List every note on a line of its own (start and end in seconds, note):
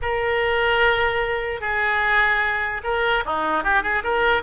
0.01 1.61 A#4
1.61 2.81 G#4
2.83 3.24 A#4
3.25 3.63 D#4
3.63 3.82 G4
3.82 4.02 G#4
4.03 4.42 A#4